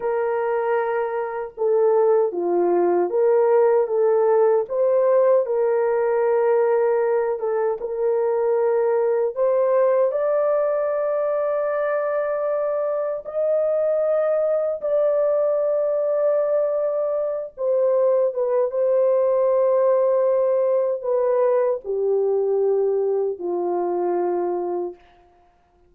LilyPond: \new Staff \with { instrumentName = "horn" } { \time 4/4 \tempo 4 = 77 ais'2 a'4 f'4 | ais'4 a'4 c''4 ais'4~ | ais'4. a'8 ais'2 | c''4 d''2.~ |
d''4 dis''2 d''4~ | d''2~ d''8 c''4 b'8 | c''2. b'4 | g'2 f'2 | }